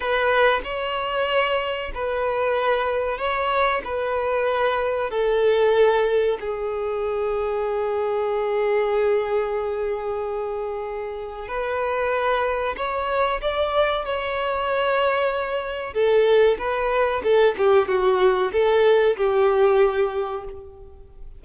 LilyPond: \new Staff \with { instrumentName = "violin" } { \time 4/4 \tempo 4 = 94 b'4 cis''2 b'4~ | b'4 cis''4 b'2 | a'2 gis'2~ | gis'1~ |
gis'2 b'2 | cis''4 d''4 cis''2~ | cis''4 a'4 b'4 a'8 g'8 | fis'4 a'4 g'2 | }